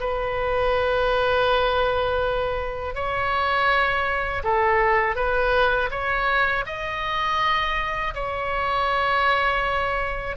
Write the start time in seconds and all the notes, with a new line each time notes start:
0.00 B4
2.95 C#5
4.44 A4
5.15 B4
5.91 C#5
6.66 D#5
8.14 C#5